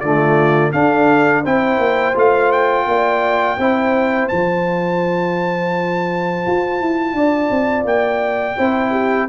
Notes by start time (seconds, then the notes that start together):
0.00 D3 A3 F4 D5
0.72 D4 A4 F5
1.43 C4 E4 C5 G5
1.78 A#3
2.15 A3 F4 F5
2.52 G5
2.86 A#3 D5
3.59 C4 E4 C5
4.28 F3 F4 A5
6.47 F4
6.81 E4
7.14 D4 D5
7.51 C4
7.85 A#3 G5
8.57 C4 E4 C5
8.91 G4